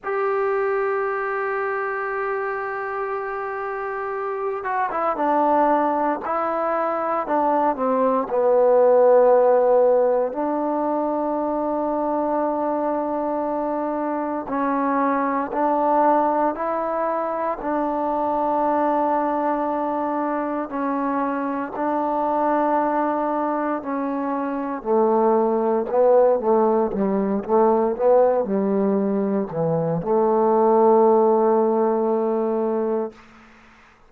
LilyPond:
\new Staff \with { instrumentName = "trombone" } { \time 4/4 \tempo 4 = 58 g'1~ | g'8 fis'16 e'16 d'4 e'4 d'8 c'8 | b2 d'2~ | d'2 cis'4 d'4 |
e'4 d'2. | cis'4 d'2 cis'4 | a4 b8 a8 g8 a8 b8 g8~ | g8 e8 a2. | }